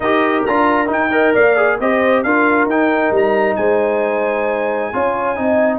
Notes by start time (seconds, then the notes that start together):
0.00 D#4 G4 A#4 D#5
0.45 D4 F4 A#5
0.86 D#4 G5
1.10 A#4 D#5
1.34 A#3 D5 F5
1.56 G#4
1.79 C4 G4 C5 D#5
2.23 D4 F4 A#4 F5
2.65 D#4 G5
3.11 G3 A#5
3.56 G#3 C5 G#5
4.93 C#4 F4 C#5
5.36 C4 D#4 D#5